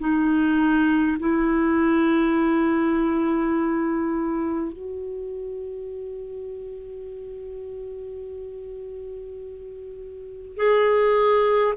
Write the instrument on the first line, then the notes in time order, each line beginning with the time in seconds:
clarinet
0.00 D#4
1.20 E4
4.73 F#4
10.57 G#4